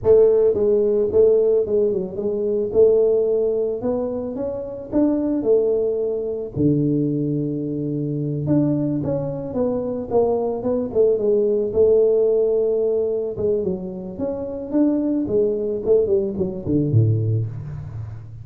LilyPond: \new Staff \with { instrumentName = "tuba" } { \time 4/4 \tempo 4 = 110 a4 gis4 a4 gis8 fis8 | gis4 a2 b4 | cis'4 d'4 a2 | d2.~ d8 d'8~ |
d'8 cis'4 b4 ais4 b8 | a8 gis4 a2~ a8~ | a8 gis8 fis4 cis'4 d'4 | gis4 a8 g8 fis8 d8 a,4 | }